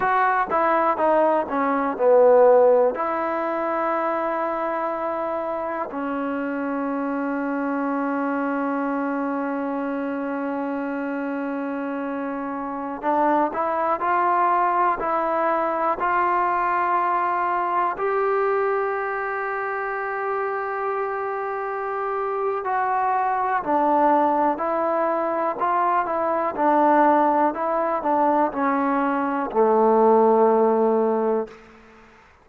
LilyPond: \new Staff \with { instrumentName = "trombone" } { \time 4/4 \tempo 4 = 61 fis'8 e'8 dis'8 cis'8 b4 e'4~ | e'2 cis'2~ | cis'1~ | cis'4~ cis'16 d'8 e'8 f'4 e'8.~ |
e'16 f'2 g'4.~ g'16~ | g'2. fis'4 | d'4 e'4 f'8 e'8 d'4 | e'8 d'8 cis'4 a2 | }